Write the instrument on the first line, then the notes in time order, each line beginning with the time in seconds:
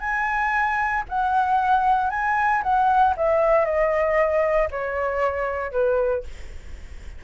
flute
0.00 G#5
1.09 F#5
2.10 G#5
2.63 F#5
3.17 E5
3.65 D#5
4.71 C#5
5.72 B4